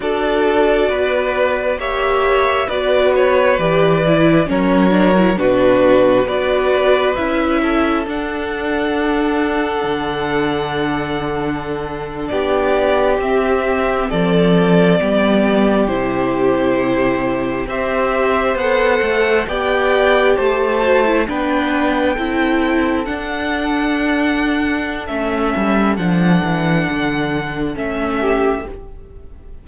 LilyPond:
<<
  \new Staff \with { instrumentName = "violin" } { \time 4/4 \tempo 4 = 67 d''2 e''4 d''8 cis''8 | d''4 cis''4 b'4 d''4 | e''4 fis''2.~ | fis''4.~ fis''16 d''4 e''4 d''16~ |
d''4.~ d''16 c''2 e''16~ | e''8. fis''4 g''4 a''4 g''16~ | g''4.~ g''16 fis''2~ fis''16 | e''4 fis''2 e''4 | }
  \new Staff \with { instrumentName = "violin" } { \time 4/4 a'4 b'4 cis''4 b'4~ | b'4 ais'4 fis'4 b'4~ | b'8 a'2.~ a'8~ | a'4.~ a'16 g'2 a'16~ |
a'8. g'2. c''16~ | c''4.~ c''16 d''4 c''4 b'16~ | b'8. a'2.~ a'16~ | a'2.~ a'8 g'8 | }
  \new Staff \with { instrumentName = "viola" } { \time 4/4 fis'2 g'4 fis'4 | g'8 e'8 cis'8 d'16 e'16 d'4 fis'4 | e'4 d'2.~ | d'2~ d'8. c'4~ c'16~ |
c'8. b4 e'2 g'16~ | g'8. a'4 g'4. fis'16 e'16 d'16~ | d'8. e'4 d'2~ d'16 | cis'4 d'2 cis'4 | }
  \new Staff \with { instrumentName = "cello" } { \time 4/4 d'4 b4 ais4 b4 | e4 fis4 b,4 b4 | cis'4 d'2 d4~ | d4.~ d16 b4 c'4 f16~ |
f8. g4 c2 c'16~ | c'8. b8 a8 b4 a4 b16~ | b8. c'4 d'2~ d'16 | a8 g8 f8 e8 d4 a4 | }
>>